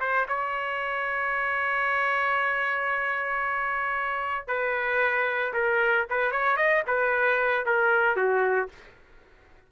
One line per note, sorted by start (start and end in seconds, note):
0.00 0.26 C5
0.28 4.47 C#5
4.47 5.53 B4
5.53 6.06 A#4
6.10 6.31 B4
6.31 6.56 C#5
6.56 6.83 D#5
6.87 7.66 B4
7.66 8.16 A#4
8.16 8.68 F#4